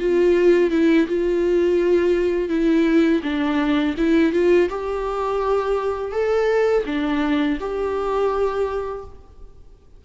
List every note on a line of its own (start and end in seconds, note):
0.00 0.71 F4
0.71 1.07 E4
1.08 2.49 F4
2.49 3.22 E4
3.23 3.95 D4
3.98 4.33 E4
4.33 4.69 F4
4.70 6.12 G4
6.12 6.84 A4
6.86 7.58 D4
7.60 9.05 G4